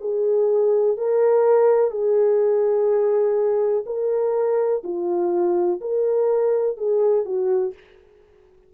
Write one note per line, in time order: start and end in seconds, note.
0.00 0.97 G#4
0.97 1.90 A#4
1.90 3.84 G#4
3.86 4.83 A#4
4.83 5.80 F4
5.80 6.77 A#4
6.77 7.25 G#4
7.25 7.73 F#4